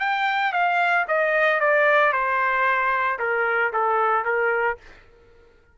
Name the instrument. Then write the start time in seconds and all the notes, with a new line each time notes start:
trumpet
0.00 G5
0.53 F5
1.08 D#5
1.60 D5
2.13 C5
3.19 A#4
3.73 A4
4.25 A#4